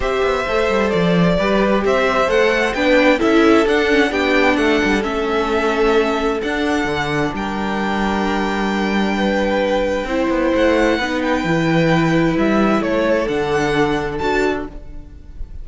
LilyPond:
<<
  \new Staff \with { instrumentName = "violin" } { \time 4/4 \tempo 4 = 131 e''2 d''2 | e''4 fis''4 g''4 e''4 | fis''4 g''4 fis''4 e''4~ | e''2 fis''2 |
g''1~ | g''2. fis''4~ | fis''8 g''2~ g''8 e''4 | cis''4 fis''2 a''4 | }
  \new Staff \with { instrumentName = "violin" } { \time 4/4 c''2. b'4 | c''2 b'4 a'4~ | a'4 g'4 a'2~ | a'1 |
ais'1 | b'2 c''2 | b'1 | a'1 | }
  \new Staff \with { instrumentName = "viola" } { \time 4/4 g'4 a'2 g'4~ | g'4 a'4 d'4 e'4 | d'8 cis'8 d'2 cis'4~ | cis'2 d'2~ |
d'1~ | d'2 e'2 | dis'4 e'2.~ | e'4 d'2 fis'4 | }
  \new Staff \with { instrumentName = "cello" } { \time 4/4 c'8 b8 a8 g8 f4 g4 | c'4 a4 b4 cis'4 | d'4 b4 a8 g8 a4~ | a2 d'4 d4 |
g1~ | g2 c'8 b8 a4 | b4 e2 g4 | a4 d2 d'4 | }
>>